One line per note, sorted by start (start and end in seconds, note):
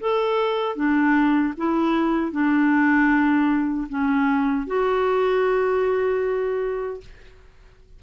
0.00 0.75 A4
0.75 1.53 D4
1.57 2.31 E4
2.31 3.87 D4
3.89 4.66 C#4
4.66 7.00 F#4